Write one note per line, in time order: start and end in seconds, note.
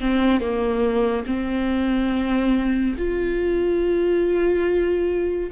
0.00 0.40 C4
0.40 1.24 A#3
1.26 2.95 C4
2.97 5.51 F4